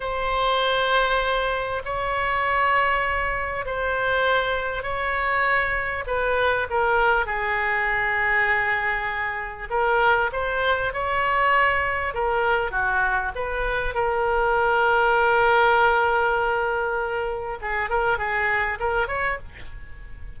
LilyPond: \new Staff \with { instrumentName = "oboe" } { \time 4/4 \tempo 4 = 99 c''2. cis''4~ | cis''2 c''2 | cis''2 b'4 ais'4 | gis'1 |
ais'4 c''4 cis''2 | ais'4 fis'4 b'4 ais'4~ | ais'1~ | ais'4 gis'8 ais'8 gis'4 ais'8 cis''8 | }